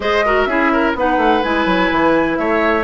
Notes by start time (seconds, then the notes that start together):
0.00 G#3 G#4 C5 D#5
0.25 F#4 A#4
0.44 C#4 E4 G#4 E5
0.72 A#4
0.94 B3 D#4 B4 F#5
1.17 A3
1.43 G#3 E4 G#5
1.65 F#3
1.91 E3
2.36 A3 C#5 E5